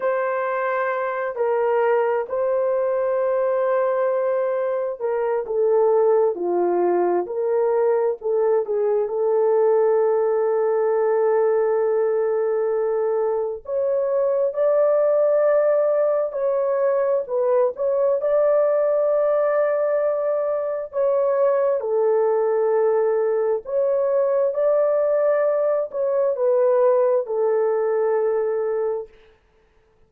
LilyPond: \new Staff \with { instrumentName = "horn" } { \time 4/4 \tempo 4 = 66 c''4. ais'4 c''4.~ | c''4. ais'8 a'4 f'4 | ais'4 a'8 gis'8 a'2~ | a'2. cis''4 |
d''2 cis''4 b'8 cis''8 | d''2. cis''4 | a'2 cis''4 d''4~ | d''8 cis''8 b'4 a'2 | }